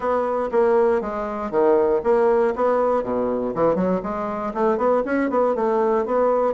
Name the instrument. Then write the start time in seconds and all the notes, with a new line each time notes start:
bassoon
0.00 B3
0.51 A#3
1.01 G#3
1.51 D#3
2.03 A#3
2.55 B3
3.03 B2
3.54 E3
3.75 F#3
4.02 G#3
4.54 A3
4.77 B3
5.05 C#4
5.30 B3
5.55 A3
6.05 B3